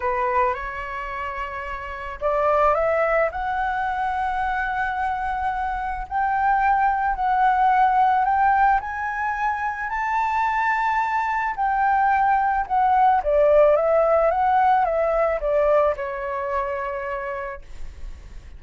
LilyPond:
\new Staff \with { instrumentName = "flute" } { \time 4/4 \tempo 4 = 109 b'4 cis''2. | d''4 e''4 fis''2~ | fis''2. g''4~ | g''4 fis''2 g''4 |
gis''2 a''2~ | a''4 g''2 fis''4 | d''4 e''4 fis''4 e''4 | d''4 cis''2. | }